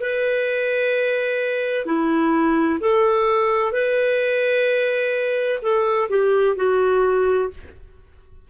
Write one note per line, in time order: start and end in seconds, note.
0.00 1.85 B4
1.85 2.79 E4
2.80 3.72 A4
3.72 5.60 B4
5.62 6.09 A4
6.09 6.56 G4
6.56 7.50 F#4